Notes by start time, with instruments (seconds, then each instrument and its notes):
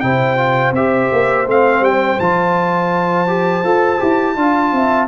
0.00 tuba C3, trombone E4, horn C5, trumpet G5
0.37 trombone F4
0.72 tuba C4, trombone G4, trumpet E5
1.12 tuba A#3
1.46 tuba A3, trombone C4, trumpet F5
1.81 tuba G3, trumpet G5
2.19 tuba F3, trombone F4, trumpet A5
3.27 trombone G4
3.64 tuba F4, trombone A4
3.99 tuba E4, trombone G4
4.36 tuba D4, trombone F4, horn F5
4.72 tuba C4, horn E5